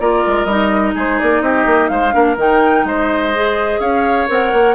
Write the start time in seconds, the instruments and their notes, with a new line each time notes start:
0.00 bassoon A#3, clarinet F4, oboe A#4, flute D5
0.27 bassoon G#3
0.45 bassoon G3, clarinet D#4, flute D#5
0.94 bassoon G#3, oboe G#4, flute C5
1.19 bassoon A#3, flute D5
1.41 bassoon C4, oboe G4, flute D#5
1.66 bassoon A#3
1.88 bassoon G#3, oboe C5, flute F5
2.12 bassoon A#3, clarinet D4, oboe A#4
2.37 bassoon D#3, clarinet D#4, flute G5
2.84 bassoon G#3, oboe C5, flute D#5
3.34 clarinet G#4
3.79 bassoon C#4, oboe C#5, flute F5
4.28 bassoon C4, clarinet A#4, flute F#5
4.52 bassoon A#3